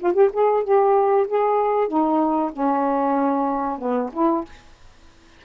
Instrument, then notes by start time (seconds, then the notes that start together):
saxophone
0.00 F4
0.14 G4
0.33 G#4
0.64 G4
1.28 G#4
1.89 D#4
2.53 C#4
3.79 B3
4.13 E4